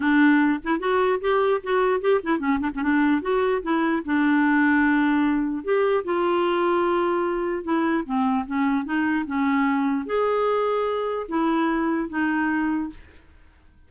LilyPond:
\new Staff \with { instrumentName = "clarinet" } { \time 4/4 \tempo 4 = 149 d'4. e'8 fis'4 g'4 | fis'4 g'8 e'8 cis'8 d'16 cis'16 d'4 | fis'4 e'4 d'2~ | d'2 g'4 f'4~ |
f'2. e'4 | c'4 cis'4 dis'4 cis'4~ | cis'4 gis'2. | e'2 dis'2 | }